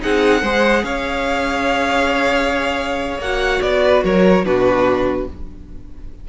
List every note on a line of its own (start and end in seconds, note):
0.00 0.42 C4
0.00 0.41 D#4
0.00 0.41 G#4
0.00 0.84 F#5
0.41 0.83 G#3
0.41 3.22 G#4
0.41 0.83 C5
0.83 3.18 C#4
0.83 3.83 C#5
0.83 3.20 F5
3.18 3.59 A#3
3.18 4.44 F#4
3.18 3.61 F#5
3.61 4.03 B3
3.61 4.02 D5
3.83 4.04 B4
4.04 4.44 F#3
4.04 4.45 A#4
4.04 4.45 C#5
4.44 5.27 B2
4.44 5.26 D4
4.44 5.28 F#4
4.44 5.27 B4